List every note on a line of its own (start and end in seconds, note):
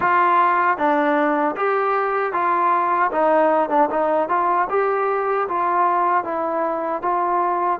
0.00 0.77 F4
0.77 1.55 D4
1.56 2.32 G4
2.32 3.10 F4
3.11 3.69 D#4
3.69 3.89 D4
3.90 4.29 D#4
4.29 4.68 F4
4.69 5.47 G4
5.48 6.23 F4
6.23 7.01 E4
7.02 7.80 F4